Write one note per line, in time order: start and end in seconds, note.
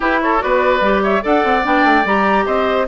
0.00 0.38 E4
0.00 0.41 E4
0.00 0.18 G4
0.00 0.21 B4
0.22 0.43 A4
0.22 0.40 C#5
0.38 0.80 B3
0.38 0.79 F#4
0.38 1.03 B4
0.38 1.02 D5
0.80 1.21 G3
0.80 1.21 G4
1.03 1.23 C#5
1.03 1.24 E5
1.21 1.44 D4
1.21 1.63 A4
1.21 2.45 D5
1.21 1.65 F#5
1.44 1.64 C4
1.63 1.84 B3
1.63 2.04 D4
1.63 2.06 G5
1.84 2.04 A3
2.04 2.45 G3
2.04 2.87 G4
2.04 2.46 A#5
2.45 2.87 C4
2.45 2.86 C5
2.45 2.87 D#5